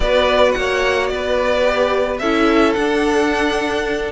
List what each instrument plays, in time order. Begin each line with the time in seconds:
0.00 cello B3, viola F#4, violin B4 D5
0.52 cello A#3, violin C#5 F#5
1.07 cello B3, violin B4 D5
1.62 viola G4
2.18 cello C#4, viola E4, violin A4 E5
2.73 cello D4, viola D4, violin F#5